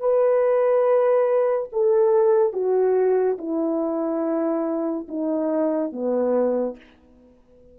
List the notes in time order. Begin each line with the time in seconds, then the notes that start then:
0.00 B4
1.72 A4
2.53 F#4
3.38 E4
5.08 D#4
5.92 B3